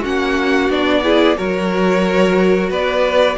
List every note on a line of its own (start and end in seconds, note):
0.00 0.69 A#3
0.00 0.70 C#4
0.00 1.00 F#4
0.00 0.71 F#5
0.69 1.36 B3
0.69 1.03 D4
0.69 1.37 D5
1.03 1.36 E4
1.03 1.37 G#4
1.36 2.70 F#3
1.36 3.36 F#4
1.36 2.70 A#4
1.36 2.71 C#5
2.70 3.37 B3
2.70 3.36 B4
2.70 3.38 D5